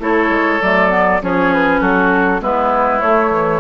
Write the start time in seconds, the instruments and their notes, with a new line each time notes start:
0.00 bassoon A3, clarinet E4, oboe A4, flute C#5
0.30 bassoon G#3
0.62 bassoon F#3, clarinet A3, flute D5
0.90 clarinet B3
1.22 bassoon F3, clarinet C#4, oboe G#4, flute C#5
1.54 flute B4
1.81 bassoon F#3, oboe F#4, flute A4
2.41 bassoon G#3, clarinet B3, oboe E4, flute B4
3.01 bassoon A3, clarinet A3, flute C#5
3.31 clarinet E3